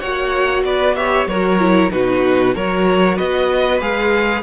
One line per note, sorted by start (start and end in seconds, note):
0.00 0.64 A#3
0.00 0.95 F#4
0.00 0.64 C#5
0.00 0.63 F#5
0.64 1.27 B3
0.64 0.96 B4
0.64 0.96 D5
0.95 1.27 G4
0.95 1.29 C#5
0.95 1.27 E5
1.27 1.90 F#3
1.27 1.60 F#4
1.27 1.92 A#4
1.27 1.91 C#5
1.60 1.91 E4
1.91 2.55 B2
1.91 2.54 D#4
1.91 2.55 F#4
1.91 2.55 B4
2.55 3.19 F#3
2.55 3.81 F#4
2.55 3.17 A#4
2.55 3.18 C#5
3.17 3.81 B3
3.17 4.43 B4
3.17 3.81 D#5
3.81 4.43 G#3
3.81 4.43 G#4
3.81 4.43 F5